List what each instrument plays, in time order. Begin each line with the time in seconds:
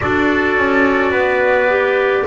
0.00 double bass D4, clarinet F#4, trumpet A4 D5
0.56 double bass C#4
1.10 double bass B3, trumpet B4
1.69 clarinet G4